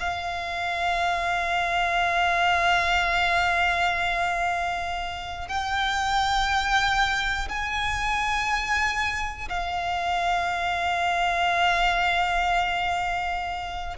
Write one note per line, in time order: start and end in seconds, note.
0.00 5.48 F5
5.48 7.48 G5
7.48 9.48 G#5
9.49 13.97 F5